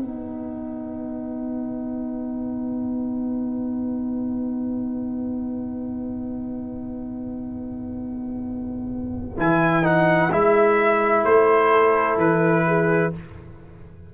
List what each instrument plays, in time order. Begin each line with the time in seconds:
0.00 tuba B3, trombone D#4, horn B4, trumpet F#5
9.38 tuba E3, trombone E4, trumpet G#5
9.84 trombone D#4, trumpet F#5
10.31 tuba G#3, trombone E4, trumpet E5
11.24 tuba A3, trumpet C5
11.72 horn A4
12.18 tuba E3, trumpet B4
12.68 horn G#4